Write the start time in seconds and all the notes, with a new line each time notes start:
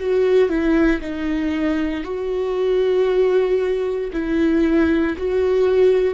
0.00 F#4
0.49 E4
1.02 D#4
2.04 F#4
4.13 E4
5.18 F#4